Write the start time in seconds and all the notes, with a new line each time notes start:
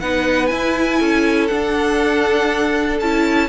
0.00 B3 D#4 B4 F#5
0.47 E4 G#5
0.99 C#4 A4
1.47 D4 F#5
3.00 C#4 E4 A5